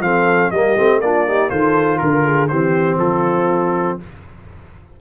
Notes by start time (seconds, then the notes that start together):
0.00 F3 C4 A4 F5
0.51 G3 A#3 G4 D#5
0.77 A3 C4
1.01 A#3 D4 F4 D5
1.27 D#4 G4
1.49 D#3 F4 A4 C5
1.98 D3 A#4
2.25 G#4
2.48 E3 C4 G4 C5
2.97 F3 F4 A4